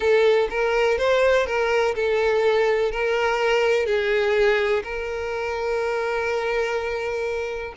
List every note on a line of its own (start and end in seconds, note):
0.00 0.48 A4
0.50 0.98 A#4
0.98 1.46 C5
1.46 1.95 A#4
1.95 2.91 A4
2.91 3.86 A#4
3.86 4.82 G#4
4.83 7.74 A#4